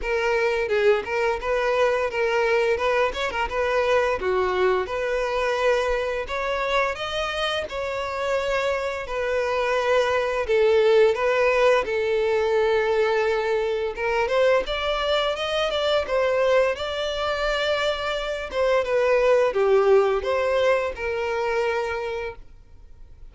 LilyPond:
\new Staff \with { instrumentName = "violin" } { \time 4/4 \tempo 4 = 86 ais'4 gis'8 ais'8 b'4 ais'4 | b'8 cis''16 ais'16 b'4 fis'4 b'4~ | b'4 cis''4 dis''4 cis''4~ | cis''4 b'2 a'4 |
b'4 a'2. | ais'8 c''8 d''4 dis''8 d''8 c''4 | d''2~ d''8 c''8 b'4 | g'4 c''4 ais'2 | }